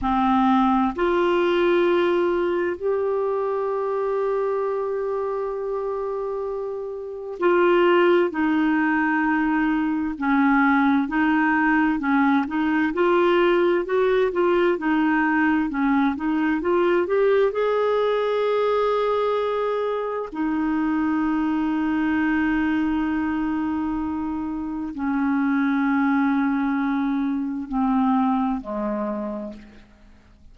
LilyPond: \new Staff \with { instrumentName = "clarinet" } { \time 4/4 \tempo 4 = 65 c'4 f'2 g'4~ | g'1 | f'4 dis'2 cis'4 | dis'4 cis'8 dis'8 f'4 fis'8 f'8 |
dis'4 cis'8 dis'8 f'8 g'8 gis'4~ | gis'2 dis'2~ | dis'2. cis'4~ | cis'2 c'4 gis4 | }